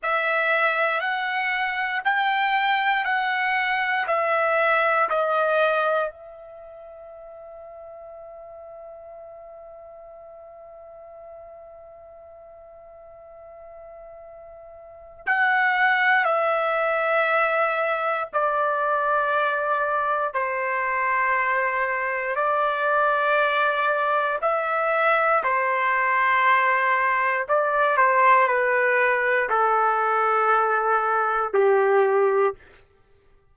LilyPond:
\new Staff \with { instrumentName = "trumpet" } { \time 4/4 \tempo 4 = 59 e''4 fis''4 g''4 fis''4 | e''4 dis''4 e''2~ | e''1~ | e''2. fis''4 |
e''2 d''2 | c''2 d''2 | e''4 c''2 d''8 c''8 | b'4 a'2 g'4 | }